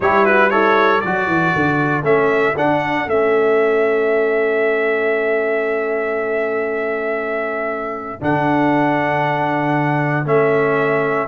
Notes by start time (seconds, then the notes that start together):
0.00 G3 E4 G4 C#5
0.25 F#4 B4
0.50 E4 A4 C#5
1.01 F#3 F#4 A4 D5
1.27 E3
1.55 D3
2.02 A3 C#4 E5
2.56 D4 F#5
3.05 A3 C#4 E5
8.21 D3 D4 F#5
10.25 A3 C#4 E5